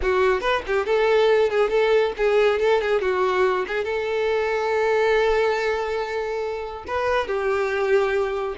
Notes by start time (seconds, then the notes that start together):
0.02 F#4
0.41 B4
0.66 G4
0.86 A4
1.50 G#4
1.69 A4
2.17 G#4
2.59 A4
2.81 G#4
3.01 F#4
3.67 G#4
3.84 A4
6.87 B4
7.27 G4